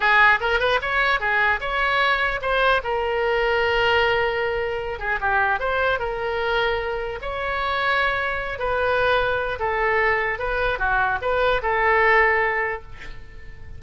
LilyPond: \new Staff \with { instrumentName = "oboe" } { \time 4/4 \tempo 4 = 150 gis'4 ais'8 b'8 cis''4 gis'4 | cis''2 c''4 ais'4~ | ais'1~ | ais'8 gis'8 g'4 c''4 ais'4~ |
ais'2 cis''2~ | cis''4. b'2~ b'8 | a'2 b'4 fis'4 | b'4 a'2. | }